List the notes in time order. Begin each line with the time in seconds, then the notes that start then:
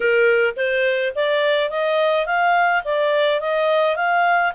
0.00 A#4
0.56 C5
1.15 D5
1.70 D#5
2.26 F5
2.84 D5
3.40 D#5
3.95 F5